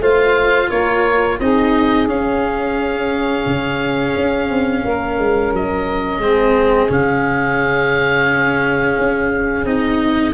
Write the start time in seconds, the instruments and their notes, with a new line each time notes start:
0.00 tuba A3, cello F4, saxophone C5, oboe F5
0.68 tuba A#3, saxophone A#4, oboe C#5
1.40 tuba C4, cello D#4, saxophone G#4, oboe D#5
2.07 tuba C#4, cello C#4, oboe F5
3.47 tuba C#3
4.16 tuba C#4
4.51 tuba C4
4.85 tuba A#3, saxophone A#4
5.19 tuba G#3
5.53 tuba F#3, oboe D#5
6.19 tuba G#3, cello C4, saxophone G#4
6.89 tuba C#3, cello C#4, oboe F5
8.99 tuba C#4
9.65 tuba C4, cello D#4, oboe D#5